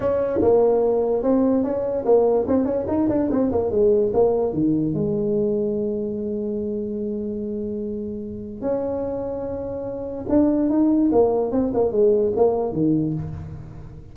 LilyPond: \new Staff \with { instrumentName = "tuba" } { \time 4/4 \tempo 4 = 146 cis'4 ais2 c'4 | cis'4 ais4 c'8 cis'8 dis'8 d'8 | c'8 ais8 gis4 ais4 dis4 | gis1~ |
gis1~ | gis4 cis'2.~ | cis'4 d'4 dis'4 ais4 | c'8 ais8 gis4 ais4 dis4 | }